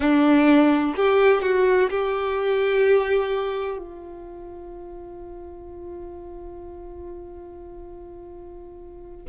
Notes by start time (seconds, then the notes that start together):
0.00 D4
0.96 G4
1.42 F#4
1.90 G4
3.78 F4